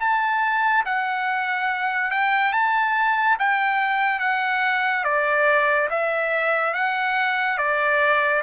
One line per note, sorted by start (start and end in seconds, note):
0.00 0.85 A5
0.86 2.12 F#5
2.12 2.53 G5
2.53 3.38 A5
3.40 4.20 G5
4.20 5.05 F#5
5.05 5.89 D5
5.91 6.74 E5
6.74 7.58 F#5
7.58 8.43 D5